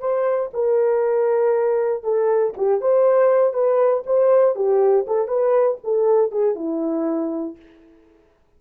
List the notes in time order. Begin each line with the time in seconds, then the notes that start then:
0.00 C5
0.54 A#4
2.04 A4
2.57 G4
2.81 C5
3.54 B4
4.07 C5
4.56 G4
5.07 A4
5.28 B4
5.84 A4
6.32 G#4
6.56 E4